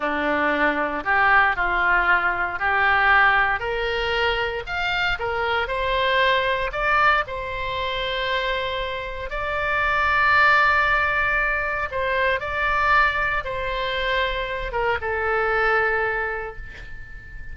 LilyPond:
\new Staff \with { instrumentName = "oboe" } { \time 4/4 \tempo 4 = 116 d'2 g'4 f'4~ | f'4 g'2 ais'4~ | ais'4 f''4 ais'4 c''4~ | c''4 d''4 c''2~ |
c''2 d''2~ | d''2. c''4 | d''2 c''2~ | c''8 ais'8 a'2. | }